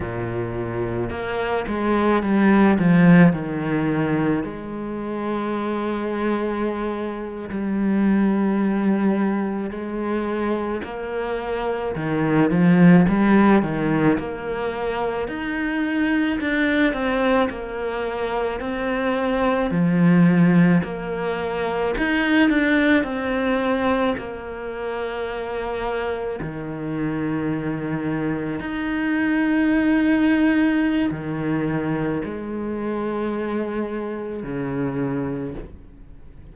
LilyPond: \new Staff \with { instrumentName = "cello" } { \time 4/4 \tempo 4 = 54 ais,4 ais8 gis8 g8 f8 dis4 | gis2~ gis8. g4~ g16~ | g8. gis4 ais4 dis8 f8 g16~ | g16 dis8 ais4 dis'4 d'8 c'8 ais16~ |
ais8. c'4 f4 ais4 dis'16~ | dis'16 d'8 c'4 ais2 dis16~ | dis4.~ dis16 dis'2~ dis'16 | dis4 gis2 cis4 | }